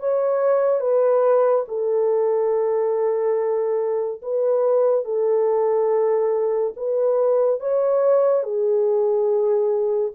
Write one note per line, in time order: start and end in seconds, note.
0.00 0.80 C#5
0.80 1.65 B4
1.68 4.22 A4
4.22 5.05 B4
5.05 6.74 A4
6.76 7.60 B4
7.60 8.43 C#5
8.43 10.12 G#4